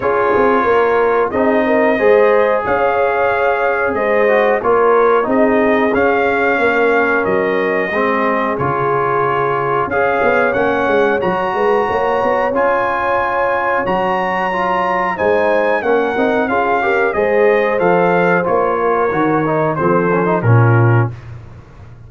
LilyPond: <<
  \new Staff \with { instrumentName = "trumpet" } { \time 4/4 \tempo 4 = 91 cis''2 dis''2 | f''2 dis''4 cis''4 | dis''4 f''2 dis''4~ | dis''4 cis''2 f''4 |
fis''4 ais''2 gis''4~ | gis''4 ais''2 gis''4 | fis''4 f''4 dis''4 f''4 | cis''2 c''4 ais'4 | }
  \new Staff \with { instrumentName = "horn" } { \time 4/4 gis'4 ais'4 gis'8 ais'8 c''4 | cis''2 c''4 ais'4 | gis'2 ais'2 | gis'2. cis''4~ |
cis''4. b'8 cis''2~ | cis''2. c''4 | ais'4 gis'8 ais'8 c''2~ | c''8 ais'4. a'4 f'4 | }
  \new Staff \with { instrumentName = "trombone" } { \time 4/4 f'2 dis'4 gis'4~ | gis'2~ gis'8 fis'8 f'4 | dis'4 cis'2. | c'4 f'2 gis'4 |
cis'4 fis'2 f'4~ | f'4 fis'4 f'4 dis'4 | cis'8 dis'8 f'8 g'8 gis'4 a'4 | f'4 fis'8 dis'8 c'8 cis'16 dis'16 cis'4 | }
  \new Staff \with { instrumentName = "tuba" } { \time 4/4 cis'8 c'8 ais4 c'4 gis4 | cis'2 gis4 ais4 | c'4 cis'4 ais4 fis4 | gis4 cis2 cis'8 b8 |
ais8 gis8 fis8 gis8 ais8 b8 cis'4~ | cis'4 fis2 gis4 | ais8 c'8 cis'4 gis4 f4 | ais4 dis4 f4 ais,4 | }
>>